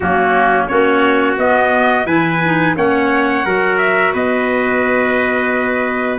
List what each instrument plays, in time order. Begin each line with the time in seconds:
0.00 tuba F#3, clarinet A#3, trumpet C#4 F#4
0.67 tuba A#3, clarinet C#4, trumpet F#4 C#5
1.37 tuba B3, clarinet B3, trumpet D#5
2.05 tuba E3, clarinet E4, trumpet B4 G#5
2.44 clarinet D#4
2.75 tuba A#3, clarinet C#4, trumpet C#5 F#5
3.45 tuba F#3, clarinet F#4, trumpet A#4
3.78 trumpet E5
4.13 tuba B3, trumpet B4 D#5